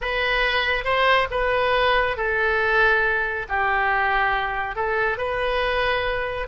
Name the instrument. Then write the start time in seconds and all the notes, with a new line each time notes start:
oboe
0.01 B4
0.84 C5
1.31 B4
2.16 A4
3.48 G4
4.75 A4
5.17 B4